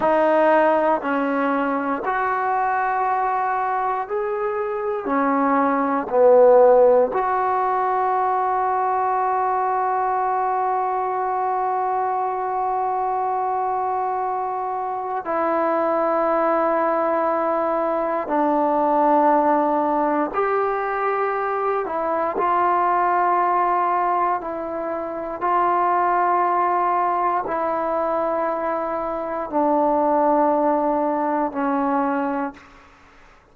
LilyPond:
\new Staff \with { instrumentName = "trombone" } { \time 4/4 \tempo 4 = 59 dis'4 cis'4 fis'2 | gis'4 cis'4 b4 fis'4~ | fis'1~ | fis'2. e'4~ |
e'2 d'2 | g'4. e'8 f'2 | e'4 f'2 e'4~ | e'4 d'2 cis'4 | }